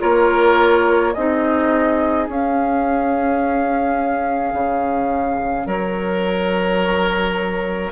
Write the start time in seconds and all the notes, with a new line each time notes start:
0.00 A#3 F4 A#4 C#5
1.14 C4 D#4 G#4 D#5
2.29 C#4 F5
4.54 C#3
5.67 F#3 A#4 C#5